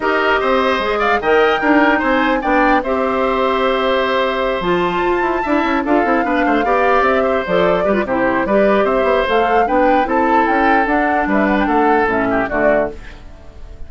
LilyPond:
<<
  \new Staff \with { instrumentName = "flute" } { \time 4/4 \tempo 4 = 149 dis''2~ dis''8 f''8 g''4~ | g''4 gis''4 g''4 e''4~ | e''2.~ e''8 a''8~ | a''2~ a''8 f''4.~ |
f''4. e''4 d''4. | c''4 d''4 e''4 f''4 | g''4 a''4 g''4 fis''4 | e''8 fis''16 g''16 fis''4 e''4 d''4 | }
  \new Staff \with { instrumentName = "oboe" } { \time 4/4 ais'4 c''4. d''8 dis''4 | ais'4 c''4 d''4 c''4~ | c''1~ | c''4. e''4 a'4 b'8 |
c''8 d''4. c''4. b'8 | g'4 b'4 c''2 | b'4 a'2. | b'4 a'4. g'8 fis'4 | }
  \new Staff \with { instrumentName = "clarinet" } { \time 4/4 g'2 gis'4 ais'4 | dis'2 d'4 g'4~ | g'2.~ g'8 f'8~ | f'4. e'4 f'8 e'8 d'8~ |
d'8 g'2 a'4 g'16 f'16 | e'4 g'2 a'4 | d'4 e'2 d'4~ | d'2 cis'4 a4 | }
  \new Staff \with { instrumentName = "bassoon" } { \time 4/4 dis'4 c'4 gis4 dis4 | d'4 c'4 b4 c'4~ | c'2.~ c'8 f8~ | f8 f'8 e'8 d'8 cis'8 d'8 c'8 b8 |
a8 b4 c'4 f4 g8 | c4 g4 c'8 b8 a4 | b4 c'4 cis'4 d'4 | g4 a4 a,4 d4 | }
>>